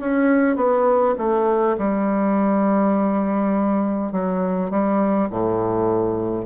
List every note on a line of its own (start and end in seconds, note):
0.00 0.56 C#4
0.56 1.15 B3
1.18 1.77 A3
1.78 4.12 G3
4.12 4.71 F#3
4.71 5.29 G3
5.30 6.45 A2